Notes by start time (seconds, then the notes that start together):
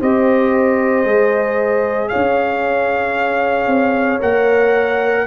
0.00 C4 G4 C5 D#5
1.05 G#3 G#4
2.09 C#5 F5
2.16 C#4
3.67 C4
4.21 A#3 A#4 F#5